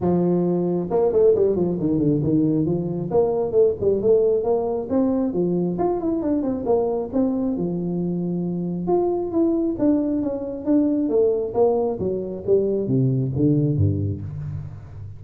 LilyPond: \new Staff \with { instrumentName = "tuba" } { \time 4/4 \tempo 4 = 135 f2 ais8 a8 g8 f8 | dis8 d8 dis4 f4 ais4 | a8 g8 a4 ais4 c'4 | f4 f'8 e'8 d'8 c'8 ais4 |
c'4 f2. | f'4 e'4 d'4 cis'4 | d'4 a4 ais4 fis4 | g4 c4 d4 g,4 | }